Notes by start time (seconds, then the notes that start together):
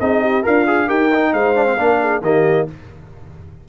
0.00 C4 D#4 G#4 D#5
0.22 G4
0.43 D4 F4 A#4 F5
0.67 G#4
0.86 D#4 G4 A#4 G5
1.14 D#4
1.33 G#3 C5 F5
1.55 D4
1.66 C4
1.76 A#3 D4 A#4
2.01 G#4
2.21 D#3 A#3 G4 D#5